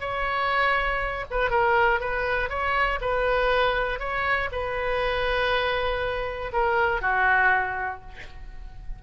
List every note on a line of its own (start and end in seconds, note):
0.00 1.25 C#5
1.30 1.50 B4
1.50 2.00 A#4
2.00 2.49 B4
2.49 2.99 C#5
3.01 3.99 B4
3.99 4.49 C#5
4.51 6.51 B4
6.52 7.01 A#4
7.01 8.01 F#4